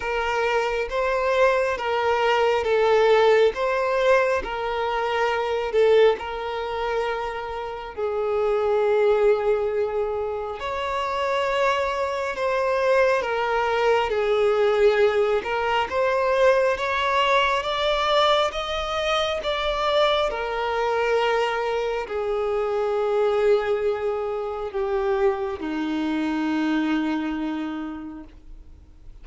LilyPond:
\new Staff \with { instrumentName = "violin" } { \time 4/4 \tempo 4 = 68 ais'4 c''4 ais'4 a'4 | c''4 ais'4. a'8 ais'4~ | ais'4 gis'2. | cis''2 c''4 ais'4 |
gis'4. ais'8 c''4 cis''4 | d''4 dis''4 d''4 ais'4~ | ais'4 gis'2. | g'4 dis'2. | }